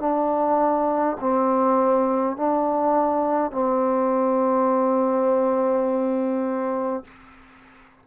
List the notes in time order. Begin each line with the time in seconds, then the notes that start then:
0.00 D4
1.20 C4
2.37 D4
3.51 C4